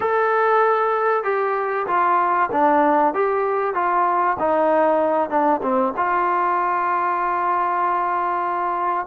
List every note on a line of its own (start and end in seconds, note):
0.00 1.23 A4
1.23 1.86 G4
1.87 2.49 F4
2.51 3.14 D4
3.14 3.74 G4
3.74 4.37 F4
4.39 5.29 D#4
5.29 5.61 D4
5.62 5.93 C4
5.96 9.06 F4